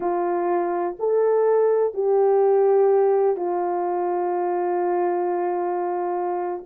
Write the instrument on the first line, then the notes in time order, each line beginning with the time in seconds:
horn
0.00 F4
0.99 A4
1.94 G4
3.36 F4